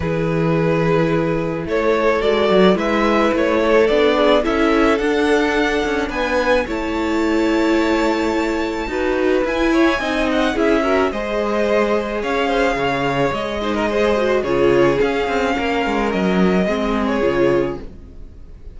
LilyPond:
<<
  \new Staff \with { instrumentName = "violin" } { \time 4/4 \tempo 4 = 108 b'2. cis''4 | d''4 e''4 cis''4 d''4 | e''4 fis''2 gis''4 | a''1~ |
a''4 gis''4. fis''8 e''4 | dis''2 f''2 | dis''2 cis''4 f''4~ | f''4 dis''4.~ dis''16 cis''4~ cis''16 | }
  \new Staff \with { instrumentName = "violin" } { \time 4/4 gis'2. a'4~ | a'4 b'4. a'4 gis'8 | a'2. b'4 | cis''1 |
b'4. cis''8 dis''4 gis'8 ais'8 | c''2 cis''8 c''8 cis''4~ | cis''8 c''16 ais'16 c''4 gis'2 | ais'2 gis'2 | }
  \new Staff \with { instrumentName = "viola" } { \time 4/4 e'1 | fis'4 e'2 d'4 | e'4 d'2. | e'1 |
fis'4 e'4 dis'4 e'8 fis'8 | gis'1~ | gis'8 dis'8 gis'8 fis'8 f'4 cis'4~ | cis'2 c'4 f'4 | }
  \new Staff \with { instrumentName = "cello" } { \time 4/4 e2. a4 | gis8 fis8 gis4 a4 b4 | cis'4 d'4. cis'8 b4 | a1 |
dis'4 e'4 c'4 cis'4 | gis2 cis'4 cis4 | gis2 cis4 cis'8 c'8 | ais8 gis8 fis4 gis4 cis4 | }
>>